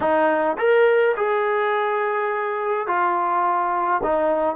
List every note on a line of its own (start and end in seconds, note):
0.00 0.57 D#4
0.58 1.15 A#4
1.16 2.87 G#4
2.87 4.01 F4
4.03 4.55 D#4